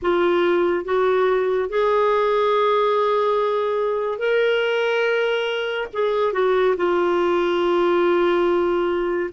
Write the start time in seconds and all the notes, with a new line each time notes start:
0.02 F4
0.85 F#4
1.69 G#4
4.18 A#4
5.93 G#4
6.32 F#4
6.76 F4